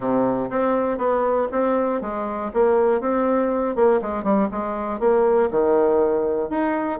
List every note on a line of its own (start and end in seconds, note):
0.00 0.49 C3
0.50 0.97 C4
0.97 1.47 B3
1.51 2.01 C4
2.01 2.51 G#3
2.53 3.00 A#3
3.00 3.75 C4
3.75 4.00 A#3
4.01 4.23 G#3
4.23 4.48 G3
4.51 4.99 G#3
4.99 5.49 A#3
5.50 6.49 D#3
6.49 6.99 D#4